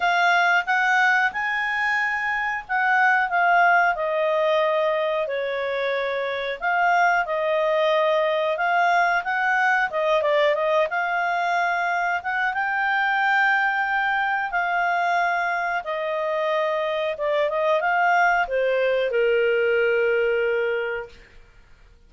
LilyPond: \new Staff \with { instrumentName = "clarinet" } { \time 4/4 \tempo 4 = 91 f''4 fis''4 gis''2 | fis''4 f''4 dis''2 | cis''2 f''4 dis''4~ | dis''4 f''4 fis''4 dis''8 d''8 |
dis''8 f''2 fis''8 g''4~ | g''2 f''2 | dis''2 d''8 dis''8 f''4 | c''4 ais'2. | }